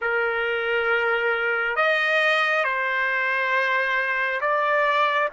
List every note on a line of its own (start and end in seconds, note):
0.01 1.76 A#4
1.76 2.64 D#5
2.64 4.40 C5
4.40 5.29 D5